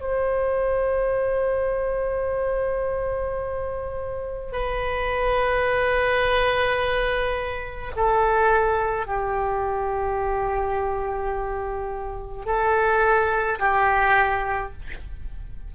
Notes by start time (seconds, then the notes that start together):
0.00 C5
4.52 B4
7.96 A4
9.06 G4
12.45 A4
13.59 G4